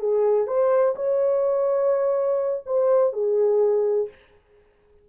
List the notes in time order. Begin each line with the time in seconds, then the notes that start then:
0.00 G#4
0.48 C5
0.96 C#5
2.67 C5
3.13 G#4